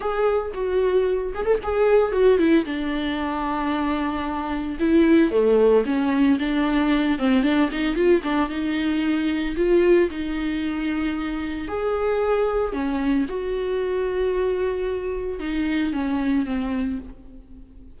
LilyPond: \new Staff \with { instrumentName = "viola" } { \time 4/4 \tempo 4 = 113 gis'4 fis'4. gis'16 a'16 gis'4 | fis'8 e'8 d'2.~ | d'4 e'4 a4 cis'4 | d'4. c'8 d'8 dis'8 f'8 d'8 |
dis'2 f'4 dis'4~ | dis'2 gis'2 | cis'4 fis'2.~ | fis'4 dis'4 cis'4 c'4 | }